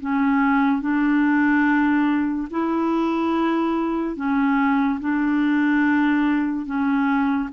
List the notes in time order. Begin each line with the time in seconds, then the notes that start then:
0.00 C#4
0.81 D4
2.50 E4
4.16 C#4
5.00 D4
6.65 C#4